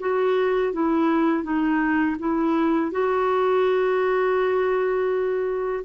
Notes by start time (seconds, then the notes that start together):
0.00 F#4
0.73 E4
1.43 D#4
2.19 E4
2.92 F#4